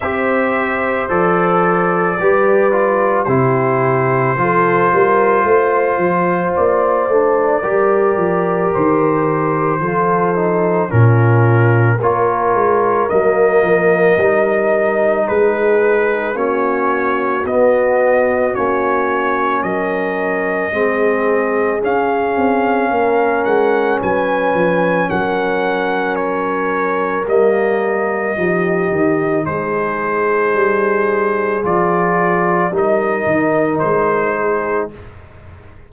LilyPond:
<<
  \new Staff \with { instrumentName = "trumpet" } { \time 4/4 \tempo 4 = 55 e''4 d''2 c''4~ | c''2 d''2 | c''2 ais'4 cis''4 | dis''2 b'4 cis''4 |
dis''4 cis''4 dis''2 | f''4. fis''8 gis''4 fis''4 | cis''4 dis''2 c''4~ | c''4 d''4 dis''4 c''4 | }
  \new Staff \with { instrumentName = "horn" } { \time 4/4 c''2 b'4 g'4 | a'8 ais'8 c''2 ais'4~ | ais'4 a'4 f'4 ais'4~ | ais'2 gis'4 fis'4~ |
fis'2 ais'4 gis'4~ | gis'4 ais'4 b'4 ais'4~ | ais'2 g'4 gis'4~ | gis'2 ais'4. gis'8 | }
  \new Staff \with { instrumentName = "trombone" } { \time 4/4 g'4 a'4 g'8 f'8 e'4 | f'2~ f'8 d'8 g'4~ | g'4 f'8 dis'8 cis'4 f'4 | ais4 dis'2 cis'4 |
b4 cis'2 c'4 | cis'1~ | cis'4 ais4 dis'2~ | dis'4 f'4 dis'2 | }
  \new Staff \with { instrumentName = "tuba" } { \time 4/4 c'4 f4 g4 c4 | f8 g8 a8 f8 ais8 a8 g8 f8 | dis4 f4 ais,4 ais8 gis8 | fis8 f8 g4 gis4 ais4 |
b4 ais4 fis4 gis4 | cis'8 c'8 ais8 gis8 fis8 f8 fis4~ | fis4 g4 f8 dis8 gis4 | g4 f4 g8 dis8 gis4 | }
>>